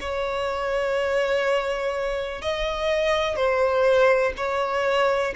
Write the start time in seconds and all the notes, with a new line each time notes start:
0.00 C#5
2.41 D#5
3.36 C5
4.36 C#5